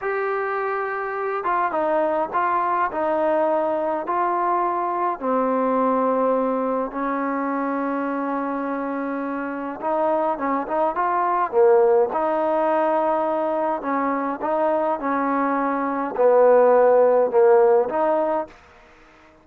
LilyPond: \new Staff \with { instrumentName = "trombone" } { \time 4/4 \tempo 4 = 104 g'2~ g'8 f'8 dis'4 | f'4 dis'2 f'4~ | f'4 c'2. | cis'1~ |
cis'4 dis'4 cis'8 dis'8 f'4 | ais4 dis'2. | cis'4 dis'4 cis'2 | b2 ais4 dis'4 | }